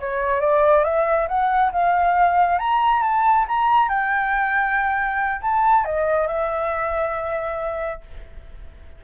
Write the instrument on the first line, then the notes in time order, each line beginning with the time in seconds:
flute
0.00 C#5
0.41 D5
0.84 E5
1.28 F#5
1.72 F5
2.59 A#5
3.03 A5
3.48 A#5
3.89 G5
5.42 A5
5.85 D#5
6.28 E5